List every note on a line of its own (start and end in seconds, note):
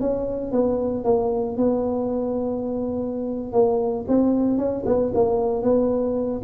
0.00 0.52 C#4
0.52 1.04 B3
1.04 1.57 A#3
1.57 3.53 B3
3.53 4.05 A#3
4.08 4.58 C4
4.58 4.84 C#4
4.86 5.12 B3
5.14 5.62 A#3
5.62 6.41 B3